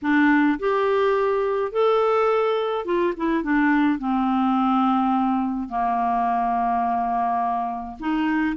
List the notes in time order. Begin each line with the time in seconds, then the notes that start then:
0.02 D4
0.59 G4
1.72 A4
2.85 F4
3.16 E4
3.43 D4
3.98 C4
5.68 A#3
7.99 D#4